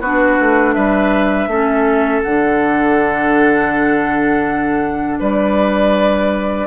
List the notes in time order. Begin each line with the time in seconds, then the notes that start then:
0.00 B3 D4 F#4 B4
0.39 A3
0.73 G3 B4 E5
1.47 A3 C#4 A4
2.22 D3 D4 F#5
5.19 G3 B4 D5